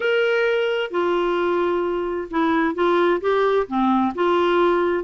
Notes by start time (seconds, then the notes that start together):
0.00 A#4
0.91 F4
2.30 E4
2.74 F4
3.21 G4
3.67 C4
4.14 F4